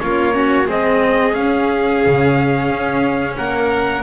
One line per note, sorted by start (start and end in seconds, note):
0.00 0.70 A#3
0.00 0.34 C#4
0.00 0.35 F4
0.00 0.67 C#5
0.35 0.66 C#4
0.35 0.68 F#4
0.66 1.37 G#3
0.66 1.33 C4
0.66 3.36 G#4
0.66 1.35 D#5
1.33 4.02 C#4
1.33 2.04 C#4
1.33 3.37 F5
2.06 2.70 C#3
2.70 3.37 C#4
3.37 4.03 A#3
3.37 4.03 A#4
3.37 4.03 F#5